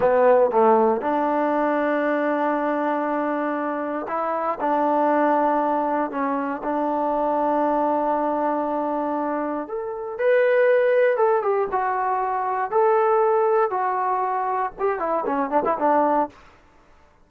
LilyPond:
\new Staff \with { instrumentName = "trombone" } { \time 4/4 \tempo 4 = 118 b4 a4 d'2~ | d'1 | e'4 d'2. | cis'4 d'2.~ |
d'2. a'4 | b'2 a'8 g'8 fis'4~ | fis'4 a'2 fis'4~ | fis'4 g'8 e'8 cis'8 d'16 e'16 d'4 | }